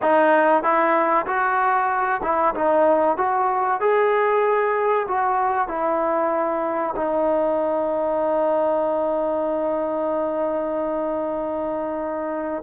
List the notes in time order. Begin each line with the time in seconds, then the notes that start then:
0.01 D#4
0.63 E4
1.26 F#4
2.22 E4
2.54 D#4
3.17 F#4
3.80 G#4
5.08 F#4
5.68 E4
6.96 D#4